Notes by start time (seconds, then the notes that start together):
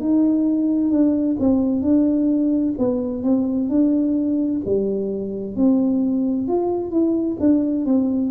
0.00 D#4
0.91 D4
1.39 C4
1.82 D4
2.78 B3
3.23 C4
3.69 D4
4.65 G3
5.56 C4
6.48 F4
6.91 E4
7.40 D4
7.85 C4